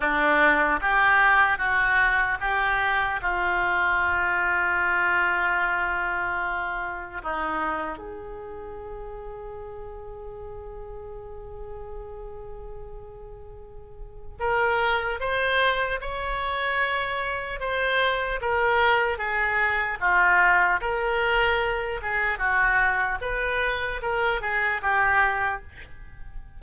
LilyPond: \new Staff \with { instrumentName = "oboe" } { \time 4/4 \tempo 4 = 75 d'4 g'4 fis'4 g'4 | f'1~ | f'4 dis'4 gis'2~ | gis'1~ |
gis'2 ais'4 c''4 | cis''2 c''4 ais'4 | gis'4 f'4 ais'4. gis'8 | fis'4 b'4 ais'8 gis'8 g'4 | }